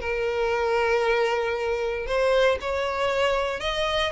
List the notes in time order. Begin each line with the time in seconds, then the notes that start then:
0.00 A#4
2.06 C5
2.60 C#5
3.60 D#5